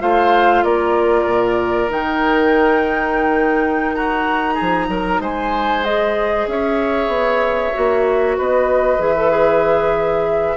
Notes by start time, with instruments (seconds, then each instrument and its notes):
0.00 bassoon A3, clarinet F4, oboe C5, flute F5
0.64 bassoon A#3, oboe A#4, flute D5
1.26 bassoon A#2
1.89 bassoon D#3, clarinet D#4, flute G5
3.94 oboe F#4, flute A#5
4.54 oboe G#4
4.61 bassoon F3
4.88 bassoon F#3, oboe A#4
5.19 bassoon G#3, oboe C5, flute G#5
5.84 clarinet G#4, flute D#5
6.47 bassoon C#4, oboe C#5, flute E5
7.07 bassoon B3
7.74 bassoon A#3, clarinet F#4
8.37 bassoon B3, oboe B4, flute D#5
8.98 bassoon E3, clarinet G#4, flute E5
9.16 clarinet A4
9.31 clarinet G#4